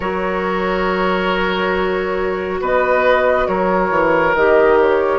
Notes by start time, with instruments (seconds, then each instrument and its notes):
0.00 bassoon F#3, clarinet F#4, oboe A#4, flute C#5
2.60 bassoon B3, oboe B4, flute D#5
3.47 bassoon F#3, oboe A#4, flute C#5
3.90 bassoon E3
4.34 bassoon D#3, clarinet G4, flute D#5
4.80 flute C#5